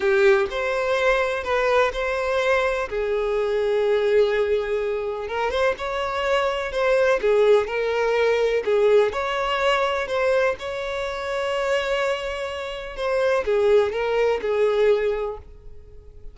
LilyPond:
\new Staff \with { instrumentName = "violin" } { \time 4/4 \tempo 4 = 125 g'4 c''2 b'4 | c''2 gis'2~ | gis'2. ais'8 c''8 | cis''2 c''4 gis'4 |
ais'2 gis'4 cis''4~ | cis''4 c''4 cis''2~ | cis''2. c''4 | gis'4 ais'4 gis'2 | }